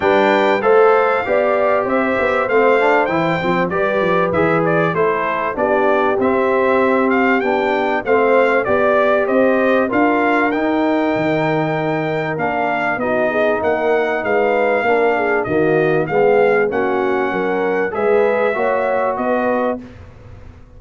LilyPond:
<<
  \new Staff \with { instrumentName = "trumpet" } { \time 4/4 \tempo 4 = 97 g''4 f''2 e''4 | f''4 g''4 d''4 e''8 d''8 | c''4 d''4 e''4. f''8 | g''4 f''4 d''4 dis''4 |
f''4 g''2. | f''4 dis''4 fis''4 f''4~ | f''4 dis''4 f''4 fis''4~ | fis''4 e''2 dis''4 | }
  \new Staff \with { instrumentName = "horn" } { \time 4/4 b'4 c''4 d''4 c''4~ | c''2 b'2 | a'4 g'2.~ | g'4 c''4 d''4 c''4 |
ais'1~ | ais'4 fis'8 gis'8 ais'4 b'4 | ais'8 gis'8 fis'4 gis'4 fis'4 | ais'4 b'4 cis''4 b'4 | }
  \new Staff \with { instrumentName = "trombone" } { \time 4/4 d'4 a'4 g'2 | c'8 d'8 e'8 c'8 g'4 gis'4 | e'4 d'4 c'2 | d'4 c'4 g'2 |
f'4 dis'2. | d'4 dis'2. | d'4 ais4 b4 cis'4~ | cis'4 gis'4 fis'2 | }
  \new Staff \with { instrumentName = "tuba" } { \time 4/4 g4 a4 b4 c'8 b8 | a4 e8 f8 g8 f8 e4 | a4 b4 c'2 | b4 a4 b4 c'4 |
d'4 dis'4 dis2 | ais4 b4 ais4 gis4 | ais4 dis4 gis4 ais4 | fis4 gis4 ais4 b4 | }
>>